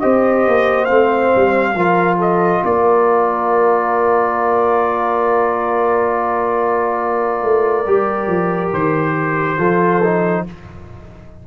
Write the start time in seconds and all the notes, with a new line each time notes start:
0.00 C4 G4 C5 D#5
0.47 A#3
0.85 A3 C4 F5
1.36 G3
1.74 F3 F4 A#4
2.18 A4 D#5
2.65 A#3 A#4 D5
7.43 A3
7.86 G3 G4
8.27 F3
8.73 D#3 C5
9.58 F3 F4 A4
10.03 D#4